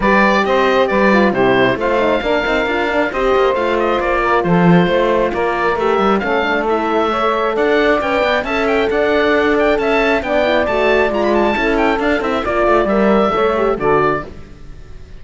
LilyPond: <<
  \new Staff \with { instrumentName = "oboe" } { \time 4/4 \tempo 4 = 135 d''4 dis''4 d''4 c''4 | f''2. dis''4 | f''8 dis''8 d''4 c''2 | d''4 e''4 f''4 e''4~ |
e''4 fis''4 g''4 a''8 g''8 | fis''4. g''8 a''4 g''4 | a''4 ais''16 b''16 a''4 g''8 f''8 e''8 | d''4 e''2 d''4 | }
  \new Staff \with { instrumentName = "saxophone" } { \time 4/4 b'4 c''4 b'4 g'4 | c''4 ais'2 c''4~ | c''4. ais'8 a'4 c''4 | ais'2 a'2 |
cis''4 d''2 e''4 | d''2 e''4 d''4~ | d''2 a'2 | d''2 cis''4 a'4 | }
  \new Staff \with { instrumentName = "horn" } { \time 4/4 g'2~ g'8 f'8 e'4 | f'8 dis'8 d'8 dis'8 f'8 d'8 g'4 | f'1~ | f'4 g'4 cis'8 d'8 e'4 |
a'2 b'4 a'4~ | a'2. d'8 e'8 | fis'4 f'4 e'4 d'8 e'8 | f'4 ais'4 a'8 g'8 fis'4 | }
  \new Staff \with { instrumentName = "cello" } { \time 4/4 g4 c'4 g4 c4 | a4 ais8 c'8 d'4 c'8 ais8 | a4 ais4 f4 a4 | ais4 a8 g8 a2~ |
a4 d'4 cis'8 b8 cis'4 | d'2 cis'4 b4 | a4 gis4 cis'4 d'8 c'8 | ais8 a8 g4 a4 d4 | }
>>